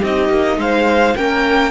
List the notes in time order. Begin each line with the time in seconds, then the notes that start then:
0.00 C4 D#4 G4 D#5
0.29 A#3
0.58 G#3 C5 F5
1.16 A#3 C#4 A#4 G5